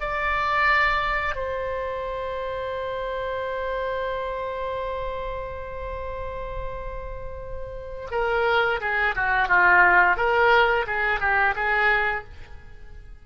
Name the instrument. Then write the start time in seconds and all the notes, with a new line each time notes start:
oboe
0.00 D5
1.35 C5
8.11 A#4
8.80 G#4
9.15 F#4
9.48 F4
10.17 A#4
10.87 G#4
11.20 G4
11.55 G#4